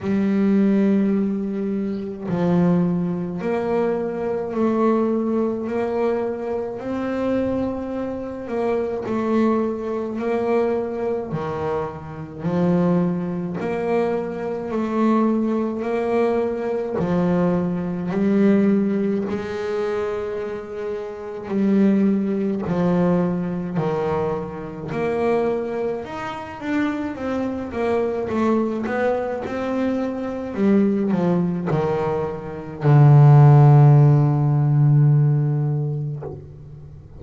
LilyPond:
\new Staff \with { instrumentName = "double bass" } { \time 4/4 \tempo 4 = 53 g2 f4 ais4 | a4 ais4 c'4. ais8 | a4 ais4 dis4 f4 | ais4 a4 ais4 f4 |
g4 gis2 g4 | f4 dis4 ais4 dis'8 d'8 | c'8 ais8 a8 b8 c'4 g8 f8 | dis4 d2. | }